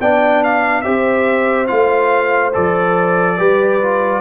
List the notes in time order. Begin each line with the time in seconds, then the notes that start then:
0.00 B3 D4 D5 G5
0.44 F5
0.82 C4 G4 C5 E5
1.67 A3 F4 F5
2.54 F3 A4 D5
3.38 G3 G4 B4
3.81 F4